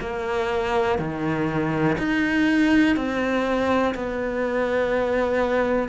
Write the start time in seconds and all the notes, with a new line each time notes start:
0.00 A#3
0.98 D#3
1.98 D#4
2.96 C4
3.94 B3